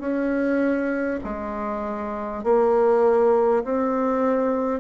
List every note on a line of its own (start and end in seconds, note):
0.00 1.20 C#4
1.24 2.44 G#3
2.44 3.64 A#3
3.64 4.81 C4